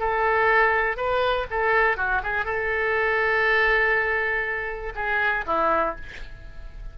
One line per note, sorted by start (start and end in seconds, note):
0.00 0.97 A4
0.97 1.47 B4
1.51 1.97 A4
1.97 2.22 F#4
2.24 2.46 G#4
2.46 4.94 A4
4.96 5.45 G#4
5.47 5.96 E4